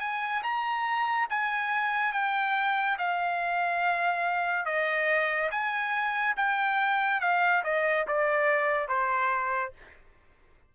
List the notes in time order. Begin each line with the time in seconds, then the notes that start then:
0.00 G#5
0.43 A#5
1.30 G#5
2.13 G5
2.98 F5
4.66 D#5
5.51 G#5
6.36 G5
7.21 F5
7.64 D#5
8.07 D5
8.88 C5